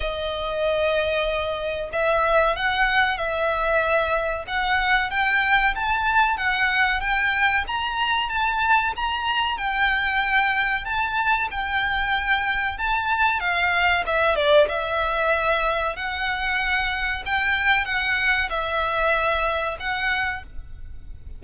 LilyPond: \new Staff \with { instrumentName = "violin" } { \time 4/4 \tempo 4 = 94 dis''2. e''4 | fis''4 e''2 fis''4 | g''4 a''4 fis''4 g''4 | ais''4 a''4 ais''4 g''4~ |
g''4 a''4 g''2 | a''4 f''4 e''8 d''8 e''4~ | e''4 fis''2 g''4 | fis''4 e''2 fis''4 | }